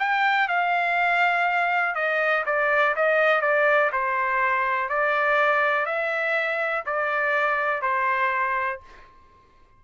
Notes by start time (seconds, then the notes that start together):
0.00 G5
0.49 F5
1.95 D#5
2.46 D5
2.96 D#5
3.42 D5
3.93 C5
4.90 D5
5.86 E5
6.86 D5
7.82 C5